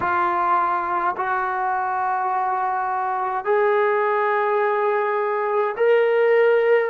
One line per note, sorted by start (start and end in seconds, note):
0.00 1.15 F4
1.16 3.44 F#4
3.44 5.75 G#4
5.76 6.90 A#4